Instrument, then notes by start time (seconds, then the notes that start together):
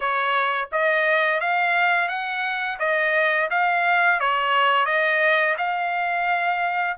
trumpet
0.00 C#5
0.72 D#5
1.40 F5
2.08 F#5
2.79 D#5
3.50 F5
4.20 C#5
4.85 D#5
5.57 F5